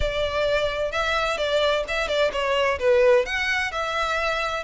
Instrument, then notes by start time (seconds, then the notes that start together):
violin
0.00 D5
0.91 E5
1.37 D5
1.88 E5
2.08 D5
2.32 C#5
2.79 B4
3.25 F#5
3.71 E5